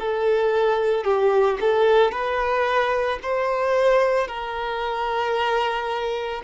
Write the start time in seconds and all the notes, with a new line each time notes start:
0.00 A4
1.05 G4
1.61 A4
2.12 B4
3.23 C5
4.28 A#4